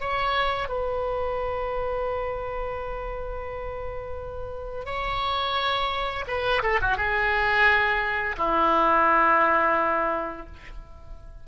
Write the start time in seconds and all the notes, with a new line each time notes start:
0.00 C#5
0.68 B4
4.85 C#5
6.27 B4
6.62 A4
6.81 F#4
6.96 G#4
8.37 E4